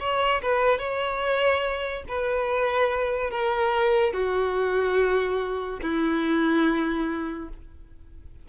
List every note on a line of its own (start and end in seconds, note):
0.00 0.42 C#5
0.42 0.79 B4
0.79 2.04 C#5
2.08 3.31 B4
3.31 4.13 A#4
4.13 5.80 F#4
5.82 7.48 E4